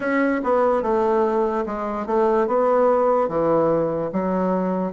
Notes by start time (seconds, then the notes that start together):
0.00 C#4
0.43 B3
0.82 A3
1.66 G#3
2.06 A3
2.47 B3
3.28 E3
4.12 F#3